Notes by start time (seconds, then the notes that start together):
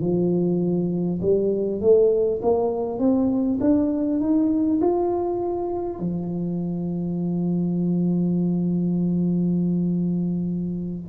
0.00 F3
1.21 G3
1.80 A3
2.42 A#3
2.98 C4
3.60 D4
4.19 D#4
4.81 F4
5.99 F3